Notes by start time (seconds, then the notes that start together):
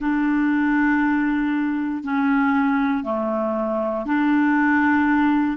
0.00 D4
2.03 C#4
3.03 A3
4.05 D4